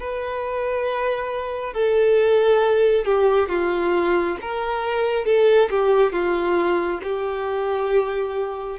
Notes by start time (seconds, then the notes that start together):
0.00 B4
1.74 A4
3.06 G4
3.49 F4
4.42 A#4
5.25 A4
5.70 G4
6.12 F4
7.03 G4